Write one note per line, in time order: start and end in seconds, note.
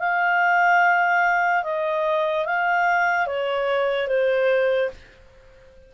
0.00 1.64 F5
1.64 2.46 D#5
2.46 3.27 F5
3.27 4.08 C#5
4.08 4.90 C5